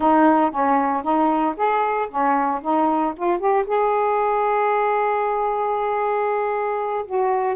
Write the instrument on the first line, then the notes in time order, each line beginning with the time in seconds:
saxophone
0.00 D#4
0.50 C#4
1.02 D#4
1.56 G#4
2.09 C#4
2.61 D#4
3.16 F4
3.38 G4
3.66 G#4
7.06 F#4